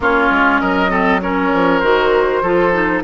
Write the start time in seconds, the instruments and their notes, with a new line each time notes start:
0.00 bassoon A#3, clarinet C#4, oboe F4, flute C#5
0.30 bassoon G#3
0.60 bassoon F#3, oboe A#4, flute D#5
0.90 clarinet C4, oboe A4
1.21 clarinet C#4, oboe A#4, flute C#5
1.53 bassoon F3
1.79 bassoon D#3, clarinet F#4, flute C5
2.42 bassoon F3, clarinet F4, oboe A4
2.72 clarinet D#4